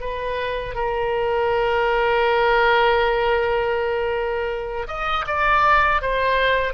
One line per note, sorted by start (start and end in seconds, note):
0.00 0.74 B4
0.74 4.87 A#4
4.87 5.25 D#5
5.26 6.01 D5
6.01 6.73 C5